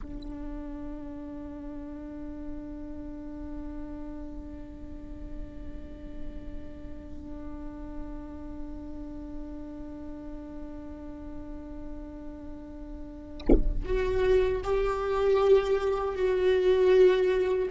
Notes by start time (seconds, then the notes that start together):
0.02 D4
13.85 F#4
14.63 G4
16.15 F#4